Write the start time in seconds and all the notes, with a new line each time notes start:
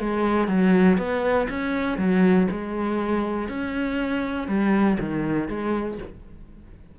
0.00 G#3
0.48 F#3
0.98 B3
1.50 C#4
1.98 F#3
2.52 G#3
3.49 C#4
4.48 G3
5.00 D#3
5.49 G#3